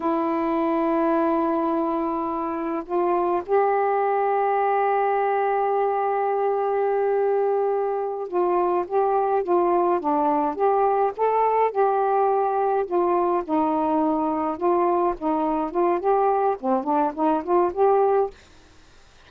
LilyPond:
\new Staff \with { instrumentName = "saxophone" } { \time 4/4 \tempo 4 = 105 e'1~ | e'4 f'4 g'2~ | g'1~ | g'2~ g'8 f'4 g'8~ |
g'8 f'4 d'4 g'4 a'8~ | a'8 g'2 f'4 dis'8~ | dis'4. f'4 dis'4 f'8 | g'4 c'8 d'8 dis'8 f'8 g'4 | }